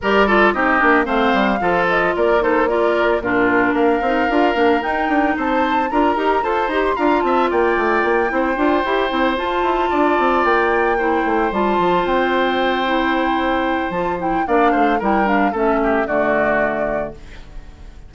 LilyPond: <<
  \new Staff \with { instrumentName = "flute" } { \time 4/4 \tempo 4 = 112 d''4 dis''4 f''4. dis''8 | d''8 c''8 d''4 ais'4 f''4~ | f''4 g''4 a''4 ais''4 | a''8 ais''16 c'''16 ais''8 a''8 g''2~ |
g''4. a''2 g''8~ | g''4. a''4 g''4.~ | g''2 a''8 g''8 f''4 | g''8 f''8 e''4 d''2 | }
  \new Staff \with { instrumentName = "oboe" } { \time 4/4 ais'8 a'8 g'4 c''4 a'4 | ais'8 a'8 ais'4 f'4 ais'4~ | ais'2 c''4 ais'4 | c''4 f''8 e''8 d''4. c''8~ |
c''2~ c''8 d''4.~ | d''8 c''2.~ c''8~ | c''2. d''8 c''8 | ais'4 a'8 g'8 fis'2 | }
  \new Staff \with { instrumentName = "clarinet" } { \time 4/4 g'8 f'8 dis'8 d'8 c'4 f'4~ | f'8 dis'8 f'4 d'4. dis'8 | f'8 d'8 dis'2 f'8 g'8 | a'8 g'8 f'2~ f'8 e'8 |
f'8 g'8 e'8 f'2~ f'8~ | f'8 e'4 f'2~ f'8 | e'2 f'8 e'8 d'4 | e'8 d'8 cis'4 a2 | }
  \new Staff \with { instrumentName = "bassoon" } { \time 4/4 g4 c'8 ais8 a8 g8 f4 | ais2 ais,4 ais8 c'8 | d'8 ais8 dis'8 d'8 c'4 d'8 dis'8 | f'8 dis'8 d'8 c'8 ais8 a8 ais8 c'8 |
d'8 e'8 c'8 f'8 e'8 d'8 c'8 ais8~ | ais4 a8 g8 f8 c'4.~ | c'2 f4 ais8 a8 | g4 a4 d2 | }
>>